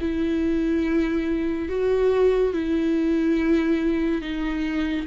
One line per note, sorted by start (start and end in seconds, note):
0.00 1.68 E4
1.68 2.53 F#4
2.53 4.21 E4
4.21 5.06 D#4